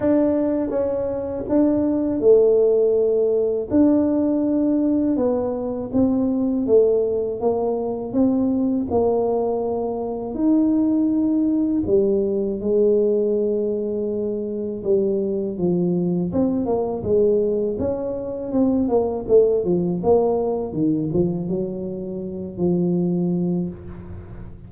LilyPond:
\new Staff \with { instrumentName = "tuba" } { \time 4/4 \tempo 4 = 81 d'4 cis'4 d'4 a4~ | a4 d'2 b4 | c'4 a4 ais4 c'4 | ais2 dis'2 |
g4 gis2. | g4 f4 c'8 ais8 gis4 | cis'4 c'8 ais8 a8 f8 ais4 | dis8 f8 fis4. f4. | }